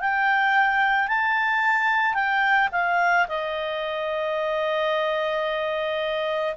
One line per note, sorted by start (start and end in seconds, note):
0.00 1.08 G5
1.08 2.14 A5
2.14 2.69 G5
2.72 3.27 F5
3.28 6.56 D#5